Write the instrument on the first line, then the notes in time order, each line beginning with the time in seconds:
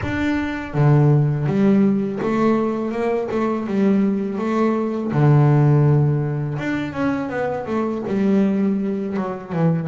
double bass
0.02 D4
0.74 D3
1.46 G3
2.22 A3
2.91 A#3
3.31 A3
3.67 G3
4.38 A3
5.12 D3
6.58 D4
6.92 C#4
7.29 B3
7.66 A3
8.07 G3
9.17 F#3
9.52 E3